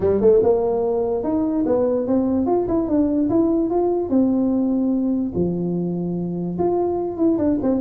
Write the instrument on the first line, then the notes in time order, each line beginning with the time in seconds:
tuba
0.00 G3
0.21 A3
0.43 A#3
1.23 D#4
1.66 B3
2.07 C4
2.46 F4
2.67 E4
2.88 D4
3.29 E4
3.70 F4
4.09 C4
5.34 F3
6.58 F4
7.17 E4
7.38 D4
7.62 C4